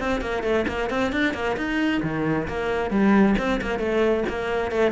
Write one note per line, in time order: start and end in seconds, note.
0.00 0.21 C4
0.21 0.44 A#3
0.44 0.66 A3
0.68 0.90 A#3
0.90 1.13 C4
1.13 1.34 D4
1.34 1.57 A#3
1.57 2.02 D#4
2.03 2.48 D#3
2.48 2.91 A#3
2.91 3.36 G3
3.39 3.61 C4
3.62 3.79 A#3
3.79 4.24 A3
4.29 4.72 A#3
4.72 4.92 A3